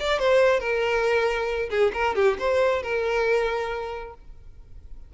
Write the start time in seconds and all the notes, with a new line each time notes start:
0.00 D5
0.19 C5
0.60 A#4
1.70 G#4
1.94 A#4
2.16 G4
2.39 C5
2.83 A#4